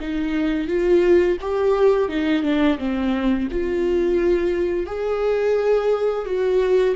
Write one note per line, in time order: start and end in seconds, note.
0.00 0.68 D#4
0.68 1.37 F4
1.41 2.08 G4
2.08 2.42 D#4
2.42 2.77 D4
2.78 3.48 C4
3.51 4.86 F4
4.86 6.25 G#4
6.25 6.95 F#4